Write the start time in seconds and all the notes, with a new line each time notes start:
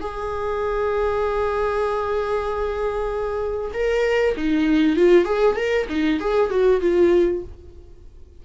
0.00 G#4
3.73 A#4
4.37 D#4
4.96 F4
5.25 G#4
5.56 A#4
5.89 D#4
6.20 G#4
6.50 F#4
6.81 F4